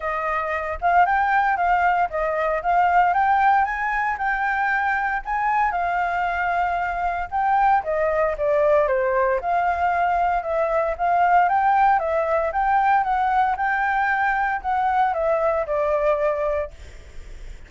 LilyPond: \new Staff \with { instrumentName = "flute" } { \time 4/4 \tempo 4 = 115 dis''4. f''8 g''4 f''4 | dis''4 f''4 g''4 gis''4 | g''2 gis''4 f''4~ | f''2 g''4 dis''4 |
d''4 c''4 f''2 | e''4 f''4 g''4 e''4 | g''4 fis''4 g''2 | fis''4 e''4 d''2 | }